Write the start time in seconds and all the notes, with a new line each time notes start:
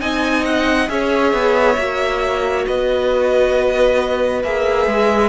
0.00 C4 D#4 D#5 G#5
0.45 F#5
0.88 C#4 G#4 C#5 E5
1.33 B3
1.78 A#3 F#4
2.67 B3 B4 D#5
4.43 A#3 G#4 E5
4.87 G#3